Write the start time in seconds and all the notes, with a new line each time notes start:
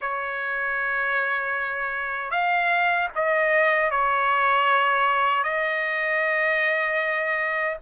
0.01 C#5
2.31 F5
3.15 D#5
3.90 C#5
5.43 D#5